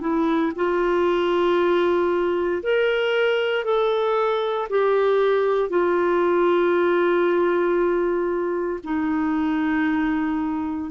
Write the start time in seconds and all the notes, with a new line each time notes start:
0.00 E4
0.55 F4
2.62 A#4
3.64 A4
4.69 G4
5.69 F4
8.84 D#4